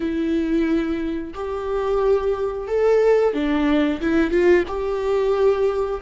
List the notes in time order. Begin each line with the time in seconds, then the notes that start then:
0.00 E4
1.34 G4
2.67 A4
3.33 D4
4.01 E4
4.30 F4
4.67 G4